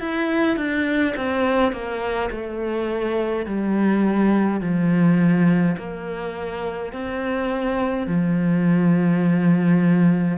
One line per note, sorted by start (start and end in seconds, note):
0.00 0.57 E4
0.57 1.14 D4
1.16 1.73 C4
1.73 2.30 A#3
2.31 3.46 A3
3.46 4.61 G3
4.61 5.76 F3
5.77 6.93 A#3
6.93 8.07 C4
8.07 10.38 F3